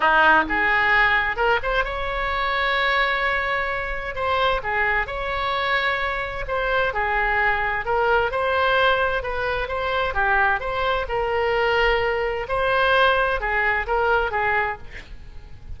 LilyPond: \new Staff \with { instrumentName = "oboe" } { \time 4/4 \tempo 4 = 130 dis'4 gis'2 ais'8 c''8 | cis''1~ | cis''4 c''4 gis'4 cis''4~ | cis''2 c''4 gis'4~ |
gis'4 ais'4 c''2 | b'4 c''4 g'4 c''4 | ais'2. c''4~ | c''4 gis'4 ais'4 gis'4 | }